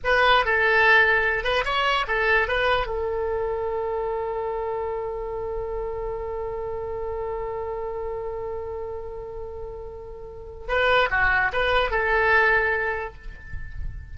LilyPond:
\new Staff \with { instrumentName = "oboe" } { \time 4/4 \tempo 4 = 146 b'4 a'2~ a'8 b'8 | cis''4 a'4 b'4 a'4~ | a'1~ | a'1~ |
a'1~ | a'1~ | a'2 b'4 fis'4 | b'4 a'2. | }